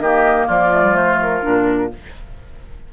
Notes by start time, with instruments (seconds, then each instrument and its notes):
0.00 bassoon D#3, clarinet A#3, oboe G4, flute D#5
0.47 bassoon F3, oboe F4, flute D5
0.73 clarinet A3
0.83 clarinet G3
0.93 clarinet A3, flute C5
1.22 flute A#4
1.42 bassoon A#2, clarinet D4